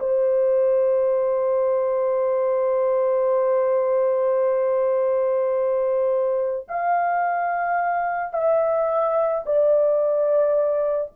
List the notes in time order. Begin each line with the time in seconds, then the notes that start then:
0.00 C5
6.69 F5
8.33 E5
9.46 D5